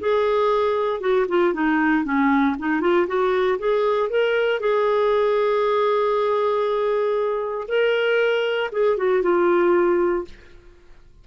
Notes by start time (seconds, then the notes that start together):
0.00 G#4
1.00 F#4
1.28 F4
1.54 D#4
2.05 C#4
2.59 D#4
2.81 F4
3.07 F#4
3.59 G#4
4.10 A#4
4.60 G#4
7.68 A#4
8.72 G#4
8.97 F#4
9.22 F4